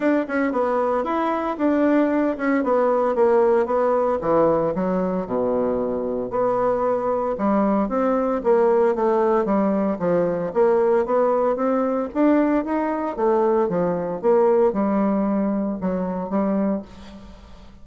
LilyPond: \new Staff \with { instrumentName = "bassoon" } { \time 4/4 \tempo 4 = 114 d'8 cis'8 b4 e'4 d'4~ | d'8 cis'8 b4 ais4 b4 | e4 fis4 b,2 | b2 g4 c'4 |
ais4 a4 g4 f4 | ais4 b4 c'4 d'4 | dis'4 a4 f4 ais4 | g2 fis4 g4 | }